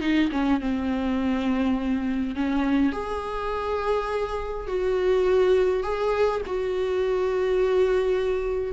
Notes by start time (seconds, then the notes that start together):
0.00 D#4
0.31 C#4
0.60 C4
2.35 C#4
2.92 G#4
4.67 F#4
5.83 G#4
6.46 F#4